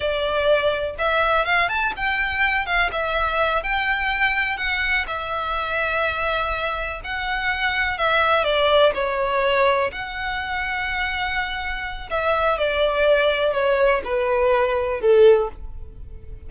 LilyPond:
\new Staff \with { instrumentName = "violin" } { \time 4/4 \tempo 4 = 124 d''2 e''4 f''8 a''8 | g''4. f''8 e''4. g''8~ | g''4. fis''4 e''4.~ | e''2~ e''8 fis''4.~ |
fis''8 e''4 d''4 cis''4.~ | cis''8 fis''2.~ fis''8~ | fis''4 e''4 d''2 | cis''4 b'2 a'4 | }